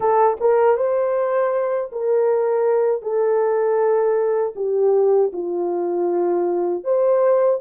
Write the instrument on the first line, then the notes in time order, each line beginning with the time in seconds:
horn
0.00 A4
0.40 A#4
0.76 C5
1.92 A#4
3.01 A4
4.55 G4
5.32 F4
6.84 C5